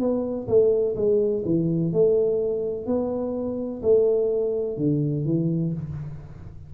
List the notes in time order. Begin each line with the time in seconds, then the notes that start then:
0.00 B3
0.48 A3
0.96 G#3
1.45 E3
1.93 A3
2.87 B3
3.83 A3
4.77 D3
5.26 E3